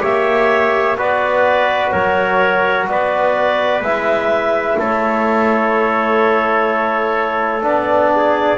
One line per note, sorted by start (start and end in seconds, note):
0.00 0.98 A#3
0.00 0.95 G4
0.00 0.97 C#5
0.00 0.99 E5
0.98 1.93 B3
0.98 3.84 F#4
0.98 1.93 B4
0.98 1.91 D5
1.91 2.88 F#3
1.91 2.88 A#4
1.91 2.86 C#5
2.88 3.81 B3
2.88 4.80 B4
2.88 3.83 D5
3.81 4.77 G#3
3.81 7.62 E4
3.81 4.79 E5
4.79 7.64 A3
4.79 8.13 A4
4.79 7.65 C#5
7.62 8.58 B3
7.62 8.57 D4
7.62 8.58 D5
8.16 8.58 G#4